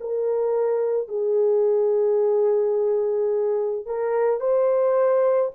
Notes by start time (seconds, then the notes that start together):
0.00 A#4
1.08 G#4
3.86 A#4
4.40 C5